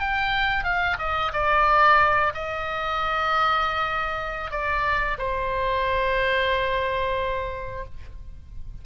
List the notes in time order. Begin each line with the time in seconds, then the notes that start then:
0.00 G5
0.64 F5
0.98 D#5
1.33 D5
2.34 D#5
4.51 D5
5.18 C5